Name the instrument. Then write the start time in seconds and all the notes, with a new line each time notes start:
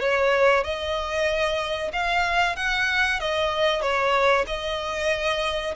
violin
0.00 C#5
0.64 D#5
1.93 F5
2.56 F#5
3.20 D#5
3.81 C#5
4.47 D#5